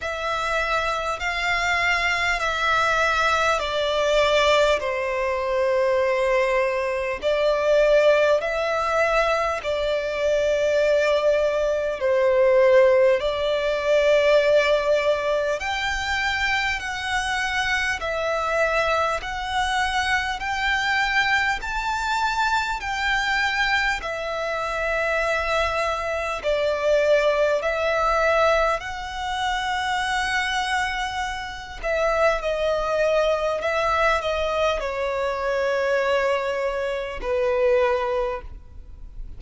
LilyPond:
\new Staff \with { instrumentName = "violin" } { \time 4/4 \tempo 4 = 50 e''4 f''4 e''4 d''4 | c''2 d''4 e''4 | d''2 c''4 d''4~ | d''4 g''4 fis''4 e''4 |
fis''4 g''4 a''4 g''4 | e''2 d''4 e''4 | fis''2~ fis''8 e''8 dis''4 | e''8 dis''8 cis''2 b'4 | }